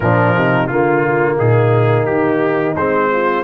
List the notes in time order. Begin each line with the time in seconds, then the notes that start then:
0.00 A#2 F3 D4 A#4
0.34 C3 D#4
0.67 D3 A#3 F4
1.37 A#2 D#4 G#4
2.05 D#3 G4
2.76 G#3 C4 C5
3.12 F4